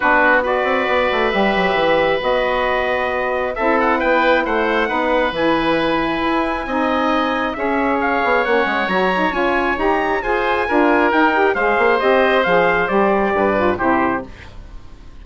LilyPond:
<<
  \new Staff \with { instrumentName = "trumpet" } { \time 4/4 \tempo 4 = 135 b'4 d''2 e''4~ | e''4 dis''2. | e''8 fis''8 g''4 fis''2 | gis''1~ |
gis''4 e''4 f''4 fis''4 | ais''4 gis''4 ais''4 gis''4~ | gis''4 g''4 f''4 dis''4 | f''4 d''2 c''4 | }
  \new Staff \with { instrumentName = "oboe" } { \time 4/4 fis'4 b'2.~ | b'1 | a'4 b'4 c''4 b'4~ | b'2. dis''4~ |
dis''4 cis''2.~ | cis''2. c''4 | ais'2 c''2~ | c''2 b'4 g'4 | }
  \new Staff \with { instrumentName = "saxophone" } { \time 4/4 d'4 fis'2 g'4~ | g'4 fis'2. | e'2. dis'4 | e'2. dis'4~ |
dis'4 gis'2 cis'4 | fis'8 dis'8 f'4 g'4 gis'4 | f'4 dis'8 g'8 gis'4 g'4 | gis'4 g'4. f'8 e'4 | }
  \new Staff \with { instrumentName = "bassoon" } { \time 4/4 b4. c'8 b8 a8 g8 fis8 | e4 b2. | c'4 b4 a4 b4 | e2 e'4 c'4~ |
c'4 cis'4. b8 ais8 gis8 | fis4 cis'4 dis'4 f'4 | d'4 dis'4 gis8 ais8 c'4 | f4 g4 g,4 c4 | }
>>